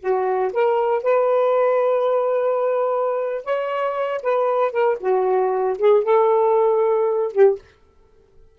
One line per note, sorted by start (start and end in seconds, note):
0.00 0.51 F#4
0.53 1.03 A#4
1.03 3.44 B4
3.44 4.21 C#5
4.22 4.72 B4
4.72 4.97 A#4
5.00 5.77 F#4
5.78 6.03 G#4
6.03 7.32 A4
7.32 7.58 G4